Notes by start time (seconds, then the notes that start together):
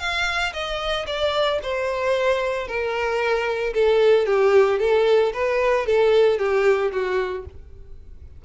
0.00 F5
0.53 D#5
1.07 D5
1.63 C5
2.68 A#4
3.74 A4
4.27 G4
4.80 A4
5.34 B4
5.87 A4
6.39 G4
6.92 F#4